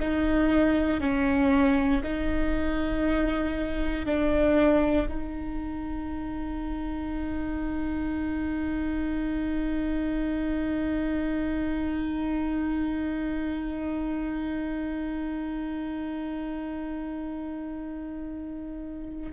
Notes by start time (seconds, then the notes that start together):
0.00 D#4
1.01 C#4
2.04 D#4
4.06 D4
5.08 D#4